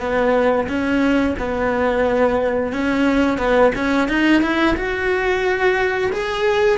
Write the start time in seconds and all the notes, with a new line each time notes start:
0.00 B3
0.68 C#4
1.39 B3
2.72 C#4
3.38 B3
3.75 C#4
4.08 D#4
4.42 E4
4.76 F#4
6.12 G#4